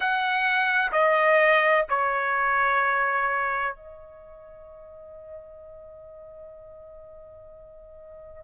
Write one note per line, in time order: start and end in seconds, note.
0.00 0.91 F#5
0.92 1.85 D#5
1.89 3.75 C#5
3.75 8.44 D#5